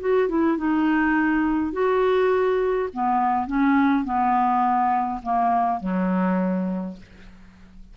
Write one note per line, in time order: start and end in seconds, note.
0.00 0.28 F#4
0.28 0.57 E4
0.57 1.72 D#4
1.72 2.89 F#4
2.93 3.47 B3
3.47 4.04 C#4
4.04 5.21 B3
5.22 5.80 A#3
5.80 6.96 F#3